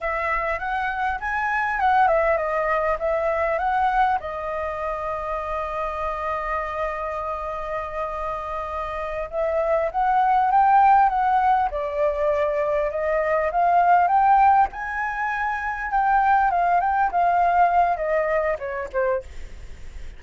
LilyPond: \new Staff \with { instrumentName = "flute" } { \time 4/4 \tempo 4 = 100 e''4 fis''4 gis''4 fis''8 e''8 | dis''4 e''4 fis''4 dis''4~ | dis''1~ | dis''2.~ dis''8 e''8~ |
e''8 fis''4 g''4 fis''4 d''8~ | d''4. dis''4 f''4 g''8~ | g''8 gis''2 g''4 f''8 | g''8 f''4. dis''4 cis''8 c''8 | }